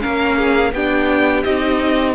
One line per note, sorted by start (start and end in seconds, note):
0.00 0.72 A#3
0.00 0.71 C#4
0.00 0.37 A#4
0.00 0.72 F5
0.37 0.73 G#4
0.72 1.44 B3
0.72 1.45 D4
0.72 2.15 G4
0.72 1.43 G5
1.43 2.15 C4
1.43 2.15 D#4
1.43 2.14 D#5